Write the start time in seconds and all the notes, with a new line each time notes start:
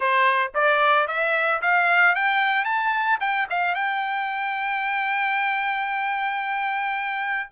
0.00 C5
0.54 D5
1.07 E5
1.61 F5
2.15 G5
2.64 A5
3.20 G5
3.50 F5
3.74 G5